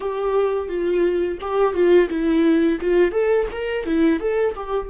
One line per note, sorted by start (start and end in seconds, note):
0.00 0.68 G4
0.68 1.38 F4
1.40 1.73 G4
1.73 2.08 F4
2.09 2.79 E4
2.81 3.11 F4
3.11 3.46 A4
3.51 3.85 A#4
3.85 4.20 E4
4.20 4.54 A4
4.55 4.90 G4